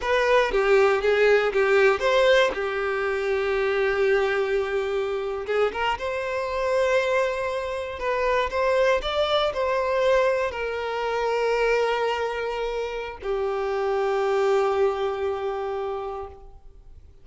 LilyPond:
\new Staff \with { instrumentName = "violin" } { \time 4/4 \tempo 4 = 118 b'4 g'4 gis'4 g'4 | c''4 g'2.~ | g'2~ g'8. gis'8 ais'8 c''16~ | c''2.~ c''8. b'16~ |
b'8. c''4 d''4 c''4~ c''16~ | c''8. ais'2.~ ais'16~ | ais'2 g'2~ | g'1 | }